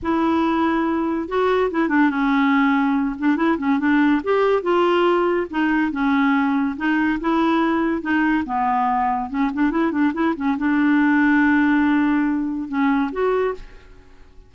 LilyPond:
\new Staff \with { instrumentName = "clarinet" } { \time 4/4 \tempo 4 = 142 e'2. fis'4 | e'8 d'8 cis'2~ cis'8 d'8 | e'8 cis'8 d'4 g'4 f'4~ | f'4 dis'4 cis'2 |
dis'4 e'2 dis'4 | b2 cis'8 d'8 e'8 d'8 | e'8 cis'8 d'2.~ | d'2 cis'4 fis'4 | }